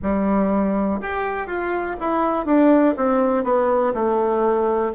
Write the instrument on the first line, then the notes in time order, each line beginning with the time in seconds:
bassoon
0.02 G3
1.01 G4
1.46 F4
2.00 E4
2.45 D4
2.96 C4
3.44 B3
3.93 A3